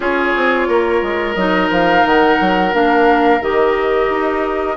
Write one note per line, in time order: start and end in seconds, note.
0.00 0.32 C#4
0.00 1.35 F4
0.00 0.68 G#4
0.00 1.35 C#5
0.36 0.67 C4
0.67 1.02 A#3
0.67 4.76 A#4
1.02 1.35 G#3
1.35 1.69 F#3
1.35 2.72 D#4
1.35 1.69 D#5
1.69 2.03 F3
1.69 2.06 F5
2.05 2.39 D#3
2.05 2.74 F#5
2.40 2.73 F#3
2.72 3.40 A#3
2.72 3.40 D4
2.72 3.42 F5
3.40 4.09 D#3
3.40 4.76 G4
3.40 4.76 D#5
4.09 4.76 D#4